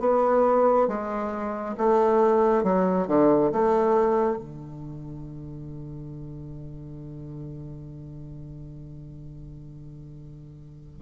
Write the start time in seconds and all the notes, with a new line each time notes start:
0.00 B3
0.88 G#3
1.78 A3
2.64 F#3
3.08 D3
3.53 A3
4.38 D3